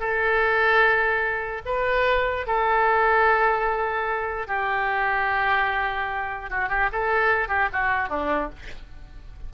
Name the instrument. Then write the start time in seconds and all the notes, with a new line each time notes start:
oboe
0.00 A4
1.66 B4
2.47 A4
4.48 G4
6.50 F#4
6.69 G4
6.92 A4
7.49 G4
7.73 F#4
8.09 D4